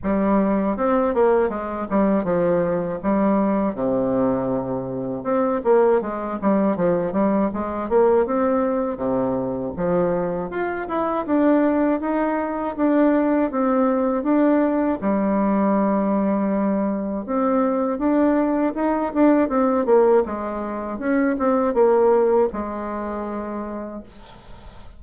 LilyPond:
\new Staff \with { instrumentName = "bassoon" } { \time 4/4 \tempo 4 = 80 g4 c'8 ais8 gis8 g8 f4 | g4 c2 c'8 ais8 | gis8 g8 f8 g8 gis8 ais8 c'4 | c4 f4 f'8 e'8 d'4 |
dis'4 d'4 c'4 d'4 | g2. c'4 | d'4 dis'8 d'8 c'8 ais8 gis4 | cis'8 c'8 ais4 gis2 | }